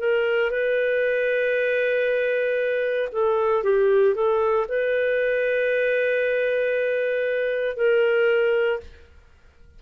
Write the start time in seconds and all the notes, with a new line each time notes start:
0.00 A#4
0.51 B4
3.13 A4
3.64 G4
4.15 A4
4.69 B4
7.77 A#4